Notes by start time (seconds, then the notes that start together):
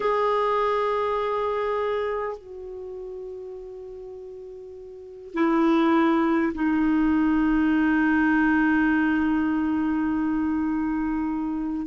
0.00 G#4
2.37 F#4
5.34 E4
6.53 D#4